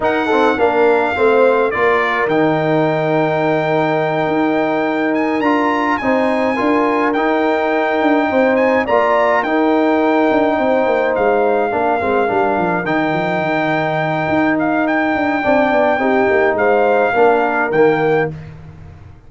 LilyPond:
<<
  \new Staff \with { instrumentName = "trumpet" } { \time 4/4 \tempo 4 = 105 fis''4 f''2 d''4 | g''1~ | g''4 gis''8 ais''4 gis''4.~ | gis''8 g''2~ g''8 gis''8 ais''8~ |
ais''8 g''2. f''8~ | f''2~ f''8 g''4.~ | g''4. f''8 g''2~ | g''4 f''2 g''4 | }
  \new Staff \with { instrumentName = "horn" } { \time 4/4 ais'8 a'8 ais'4 c''4 ais'4~ | ais'1~ | ais'2~ ais'8 c''4 ais'8~ | ais'2~ ais'8 c''4 d''8~ |
d''8 ais'2 c''4.~ | c''8 ais'2.~ ais'8~ | ais'2. d''4 | g'4 c''4 ais'2 | }
  \new Staff \with { instrumentName = "trombone" } { \time 4/4 dis'8 c'8 d'4 c'4 f'4 | dis'1~ | dis'4. f'4 dis'4 f'8~ | f'8 dis'2. f'8~ |
f'8 dis'2.~ dis'8~ | dis'8 d'8 c'8 d'4 dis'4.~ | dis'2. d'4 | dis'2 d'4 ais4 | }
  \new Staff \with { instrumentName = "tuba" } { \time 4/4 dis'4 ais4 a4 ais4 | dis2.~ dis8 dis'8~ | dis'4. d'4 c'4 d'8~ | d'8 dis'4. d'8 c'4 ais8~ |
ais8 dis'4. d'8 c'8 ais8 gis8~ | gis8 ais8 gis8 g8 f8 dis8 f8 dis8~ | dis4 dis'4. d'8 c'8 b8 | c'8 ais8 gis4 ais4 dis4 | }
>>